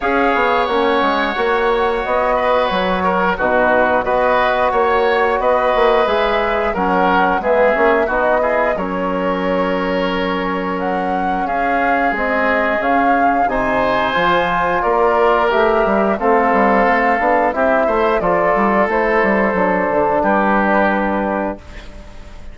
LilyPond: <<
  \new Staff \with { instrumentName = "flute" } { \time 4/4 \tempo 4 = 89 f''4 fis''2 dis''4 | cis''4 b'4 dis''4 cis''4 | dis''4 e''4 fis''4 e''4 | dis''4 cis''2. |
fis''4 f''4 dis''4 f''4 | gis''2 d''4 e''4 | f''2 e''4 d''4 | c''2 b'2 | }
  \new Staff \with { instrumentName = "oboe" } { \time 4/4 cis''2.~ cis''8 b'8~ | b'8 ais'8 fis'4 b'4 cis''4 | b'2 ais'4 gis'4 | fis'8 gis'8 ais'2.~ |
ais'4 gis'2. | c''2 ais'2 | a'2 g'8 c''8 a'4~ | a'2 g'2 | }
  \new Staff \with { instrumentName = "trombone" } { \time 4/4 gis'4 cis'4 fis'2~ | fis'4 dis'4 fis'2~ | fis'4 gis'4 cis'4 b8 cis'8 | dis'8 e'8 cis'2.~ |
cis'2 c'4 cis'4 | dis'4 f'2 g'4 | c'4. d'8 e'4 f'4 | e'4 d'2. | }
  \new Staff \with { instrumentName = "bassoon" } { \time 4/4 cis'8 b8 ais8 gis8 ais4 b4 | fis4 b,4 b4 ais4 | b8 ais8 gis4 fis4 gis8 ais8 | b4 fis2.~ |
fis4 cis'4 gis4 cis4 | c4 f4 ais4 a8 g8 | a8 g8 a8 b8 c'8 a8 f8 g8 | a8 g8 fis8 d8 g2 | }
>>